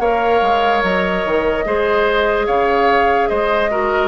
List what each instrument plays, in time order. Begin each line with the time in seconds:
0.00 bassoon A#3, clarinet A#4, oboe C#5, flute F5
0.42 bassoon G#3
0.83 bassoon F#3, flute D#5
1.25 bassoon D#3
1.65 bassoon G#3, clarinet G#4, oboe C5
2.47 bassoon C#3, oboe C#5, flute F5
3.28 bassoon G#3, oboe C5, flute D#5
3.71 clarinet F#4, oboe A#4